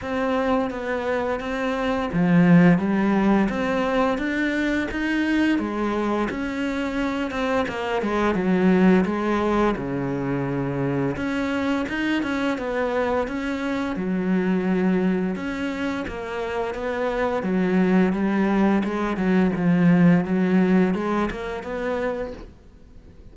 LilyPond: \new Staff \with { instrumentName = "cello" } { \time 4/4 \tempo 4 = 86 c'4 b4 c'4 f4 | g4 c'4 d'4 dis'4 | gis4 cis'4. c'8 ais8 gis8 | fis4 gis4 cis2 |
cis'4 dis'8 cis'8 b4 cis'4 | fis2 cis'4 ais4 | b4 fis4 g4 gis8 fis8 | f4 fis4 gis8 ais8 b4 | }